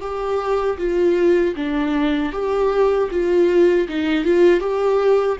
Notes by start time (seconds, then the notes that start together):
0.00 G4
0.78 F4
1.55 D4
2.32 G4
3.10 F4
3.88 D#4
4.24 F4
4.59 G4